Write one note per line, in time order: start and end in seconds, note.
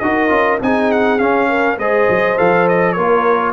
0.00 0.31 D#4
0.00 0.29 F#4
0.00 0.64 A#4
0.00 0.59 D#5
0.29 0.61 C#4
0.29 0.59 F4
0.62 1.21 C4
0.62 1.20 D#4
0.62 1.50 G#4
0.62 0.92 G#5
0.92 1.19 F#5
1.19 1.78 C#4
1.19 1.78 F5
1.50 1.78 A#4
1.78 2.08 G#3
1.78 2.38 G#4
1.78 2.94 C5
1.78 2.38 D#5
2.10 2.39 F#3
2.38 2.97 F3
2.38 2.97 A4
2.38 2.68 F5
2.69 2.93 D#5
2.93 3.53 A#3
2.93 3.53 F4
2.93 3.53 A#4
2.93 3.52 C#5